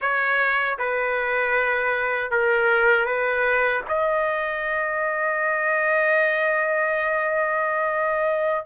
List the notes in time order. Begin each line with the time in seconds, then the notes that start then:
0.01 C#5
0.78 B4
2.30 A#4
3.05 B4
3.88 D#5